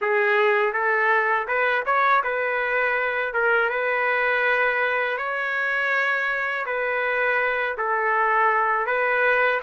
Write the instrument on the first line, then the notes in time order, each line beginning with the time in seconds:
trumpet
0.01 G#4
0.73 A4
1.47 B4
1.85 C#5
2.23 B4
3.33 A#4
3.69 B4
5.17 C#5
6.65 B4
7.77 A4
8.86 B4